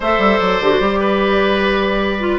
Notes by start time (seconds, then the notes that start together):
0.00 A3 A4 C5 E5
0.18 G3
0.37 F#3 D5
0.60 D3 G4
0.71 F#4
0.79 G3 G4
1.00 B4
2.20 F4